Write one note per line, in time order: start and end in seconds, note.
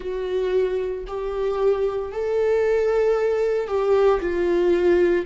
0.00 1.04 F#4
1.07 2.11 G4
2.11 3.67 A4
3.67 4.20 G4
4.20 5.25 F4